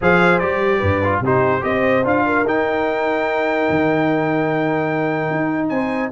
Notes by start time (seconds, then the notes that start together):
0.01 F3 G#4 C5 F5
0.38 G3 G4 D5
0.78 G2 B4
1.04 F4
1.20 C3 D#4 G4 C5
1.60 C4 G4 C5 D#5
2.04 D4 F4 F5
2.26 A#4
2.44 D#4 G5
3.69 D#3
5.30 D#4
5.68 C4 C5 G#5